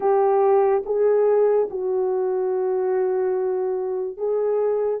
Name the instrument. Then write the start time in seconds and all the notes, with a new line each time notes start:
horn
0.00 G4
0.85 G#4
1.70 F#4
4.17 G#4